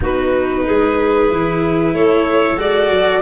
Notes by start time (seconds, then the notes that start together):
0.00 B3 D#4 F#4 B4
0.65 G#3 G#4
1.29 E3 E4
1.93 A3 A4 C#5
2.57 G#3 F#4 D5
2.90 F#3